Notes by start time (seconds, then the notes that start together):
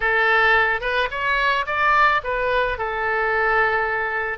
0.00 A4
0.81 B4
1.10 C#5
1.66 D5
2.23 B4
2.78 A4